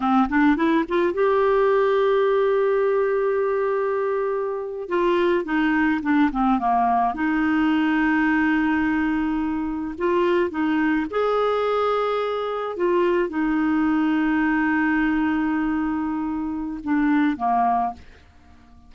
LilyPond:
\new Staff \with { instrumentName = "clarinet" } { \time 4/4 \tempo 4 = 107 c'8 d'8 e'8 f'8 g'2~ | g'1~ | g'8. f'4 dis'4 d'8 c'8 ais16~ | ais8. dis'2.~ dis'16~ |
dis'4.~ dis'16 f'4 dis'4 gis'16~ | gis'2~ gis'8. f'4 dis'16~ | dis'1~ | dis'2 d'4 ais4 | }